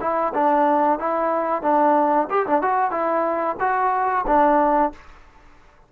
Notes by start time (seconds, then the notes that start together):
0.00 E4
0.34 D4
0.99 E4
1.62 D4
2.30 G4
2.46 D4
2.61 F#4
2.91 E4
3.60 F#4
4.27 D4